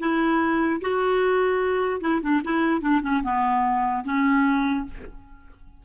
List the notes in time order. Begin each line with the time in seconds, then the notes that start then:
0.00 E4
0.82 F#4
2.01 E4
2.22 D4
2.44 E4
2.82 D4
3.03 C#4
3.24 B3
4.05 C#4